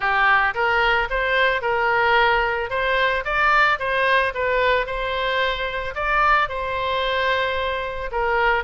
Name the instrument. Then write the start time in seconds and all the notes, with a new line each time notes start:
oboe
0.00 G4
0.54 A#4
1.10 C5
1.61 A#4
2.70 C5
3.24 D5
3.79 C5
4.34 B4
4.86 C5
5.95 D5
6.48 C5
8.11 A#4